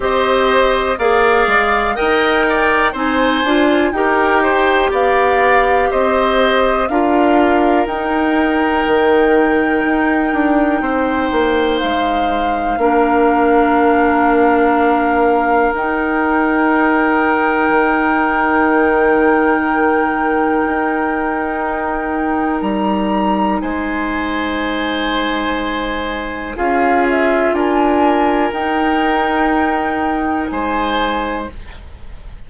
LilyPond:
<<
  \new Staff \with { instrumentName = "flute" } { \time 4/4 \tempo 4 = 61 dis''4 f''4 g''4 gis''4 | g''4 f''4 dis''4 f''4 | g''1 | f''1 |
g''1~ | g''2. ais''4 | gis''2. f''8 e''8 | gis''4 g''2 gis''4 | }
  \new Staff \with { instrumentName = "oboe" } { \time 4/4 c''4 d''4 dis''8 d''8 c''4 | ais'8 c''8 d''4 c''4 ais'4~ | ais'2. c''4~ | c''4 ais'2.~ |
ais'1~ | ais'1 | c''2. gis'4 | ais'2. c''4 | }
  \new Staff \with { instrumentName = "clarinet" } { \time 4/4 g'4 gis'4 ais'4 dis'8 f'8 | g'2. f'4 | dis'1~ | dis'4 d'2. |
dis'1~ | dis'1~ | dis'2. f'4~ | f'4 dis'2. | }
  \new Staff \with { instrumentName = "bassoon" } { \time 4/4 c'4 ais8 gis8 dis'4 c'8 d'8 | dis'4 b4 c'4 d'4 | dis'4 dis4 dis'8 d'8 c'8 ais8 | gis4 ais2. |
dis'2 dis2~ | dis4 dis'2 g4 | gis2. cis'4 | d'4 dis'2 gis4 | }
>>